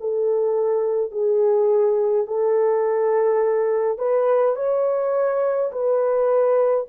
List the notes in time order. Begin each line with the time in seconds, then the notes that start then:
0.00 A4
1.11 G#4
2.26 A4
3.98 B4
4.55 C#5
5.71 B4